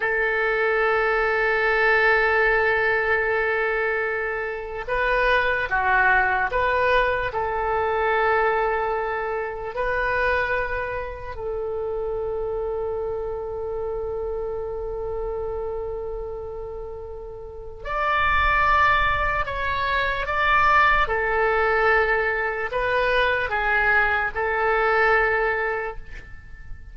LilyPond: \new Staff \with { instrumentName = "oboe" } { \time 4/4 \tempo 4 = 74 a'1~ | a'2 b'4 fis'4 | b'4 a'2. | b'2 a'2~ |
a'1~ | a'2 d''2 | cis''4 d''4 a'2 | b'4 gis'4 a'2 | }